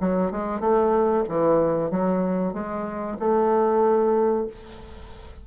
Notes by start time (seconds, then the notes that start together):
0.00 F#3
0.32 G#3
0.60 A3
1.29 E3
1.91 F#3
2.54 G#3
3.19 A3